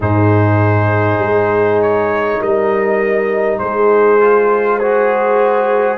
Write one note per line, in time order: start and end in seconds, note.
0.00 1.18 G#2
0.00 4.20 D#4
0.00 2.38 G#4
0.00 1.81 C5
1.18 2.38 G#3
1.82 2.42 C#5
2.40 3.60 G3
2.40 3.60 A#4
2.40 3.58 D#5
3.58 5.98 G#3
3.58 4.78 G#4
3.58 4.78 C5
4.20 4.80 F4
4.78 5.98 F#4
4.78 5.98 G#4
4.78 5.98 C5